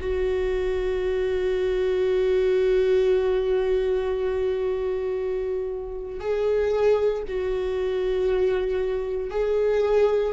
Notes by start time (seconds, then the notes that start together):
0.00 F#4
6.20 G#4
7.27 F#4
9.30 G#4